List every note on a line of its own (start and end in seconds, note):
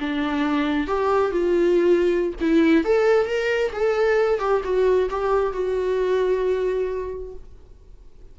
0.00 0.87 D4
0.87 1.31 G4
1.31 2.33 F4
2.40 2.84 E4
2.84 3.26 A4
3.26 3.72 A#4
3.72 4.39 A4
4.39 4.62 G4
4.64 5.09 F#4
5.10 5.52 G4
5.52 7.34 F#4